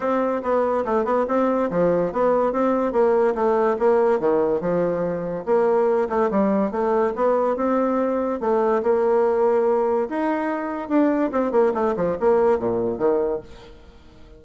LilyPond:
\new Staff \with { instrumentName = "bassoon" } { \time 4/4 \tempo 4 = 143 c'4 b4 a8 b8 c'4 | f4 b4 c'4 ais4 | a4 ais4 dis4 f4~ | f4 ais4. a8 g4 |
a4 b4 c'2 | a4 ais2. | dis'2 d'4 c'8 ais8 | a8 f8 ais4 ais,4 dis4 | }